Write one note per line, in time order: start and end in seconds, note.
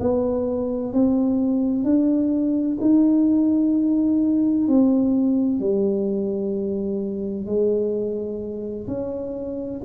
0.00 0.93 B3
0.93 1.84 C4
1.84 2.78 D4
2.81 4.68 D#4
4.68 5.60 C4
5.60 7.47 G3
7.47 8.87 G#3
8.88 9.81 C#4